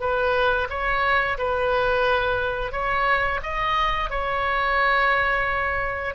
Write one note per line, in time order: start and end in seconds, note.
0.00 0.68 B4
0.69 1.38 C#5
1.38 2.72 B4
2.72 3.40 C#5
3.43 4.10 D#5
4.10 6.15 C#5